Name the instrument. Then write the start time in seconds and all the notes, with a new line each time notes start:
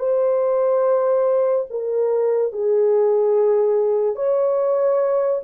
horn
0.00 C5
1.71 A#4
2.53 G#4
4.16 C#5